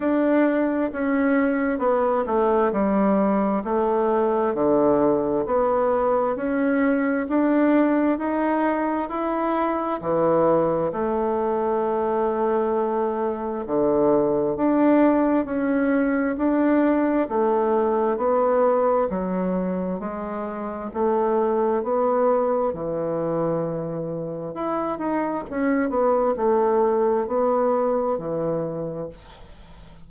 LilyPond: \new Staff \with { instrumentName = "bassoon" } { \time 4/4 \tempo 4 = 66 d'4 cis'4 b8 a8 g4 | a4 d4 b4 cis'4 | d'4 dis'4 e'4 e4 | a2. d4 |
d'4 cis'4 d'4 a4 | b4 fis4 gis4 a4 | b4 e2 e'8 dis'8 | cis'8 b8 a4 b4 e4 | }